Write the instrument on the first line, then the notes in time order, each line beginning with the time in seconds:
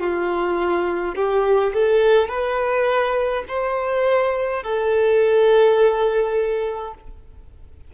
violin
0.00 F4
1.15 G4
1.73 A4
2.28 B4
3.48 C5
4.63 A4